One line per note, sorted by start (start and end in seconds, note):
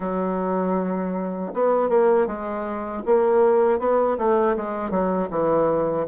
0.00 1.52 F#3
1.53 1.88 B3
1.88 2.26 A#3
2.26 3.02 G#3
3.06 3.79 A#3
3.79 4.17 B3
4.18 4.56 A3
4.56 4.90 G#3
4.90 5.28 F#3
5.30 6.06 E3